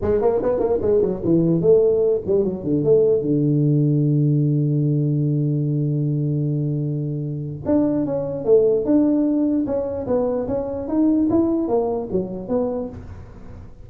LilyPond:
\new Staff \with { instrumentName = "tuba" } { \time 4/4 \tempo 4 = 149 gis8 ais8 b8 ais8 gis8 fis8 e4 | a4. g8 fis8 d8 a4 | d1~ | d1~ |
d2. d'4 | cis'4 a4 d'2 | cis'4 b4 cis'4 dis'4 | e'4 ais4 fis4 b4 | }